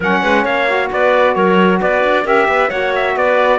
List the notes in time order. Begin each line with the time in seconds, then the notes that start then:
0.00 F#3 C#4 A#4 F#5
0.22 G#3 B4
0.44 A#3 C#5 F5
0.68 F#4
0.92 B3 B4 D5
1.34 F#3 A#4 C#5
1.80 B3 B4 D5
2.03 D4
2.24 C#4 G4 A#4 E5
2.48 B3 B4
2.69 A#3 F#4 C#5 F#5
2.95 E5
3.15 B3 B4 D5